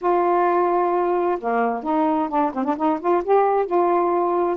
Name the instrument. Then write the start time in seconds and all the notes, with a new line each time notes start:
saxophone
0.01 F4
1.39 A#3
1.83 D#4
2.28 D4
2.54 C4
2.64 D4
2.76 D#4
3.00 F4
3.24 G4
3.65 F4